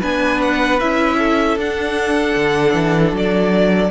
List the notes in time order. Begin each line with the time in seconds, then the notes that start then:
0.00 B3 D4 B4 G#5
0.42 F#5
0.80 C#4 E4 E5
1.19 A4
1.57 D4 F#5
2.36 D3
2.74 E3
3.12 F#3 D5